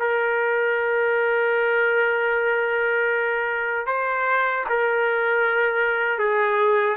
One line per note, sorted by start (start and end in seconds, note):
0.00 3.87 A#4
3.87 4.65 C5
4.69 6.19 A#4
6.19 6.97 G#4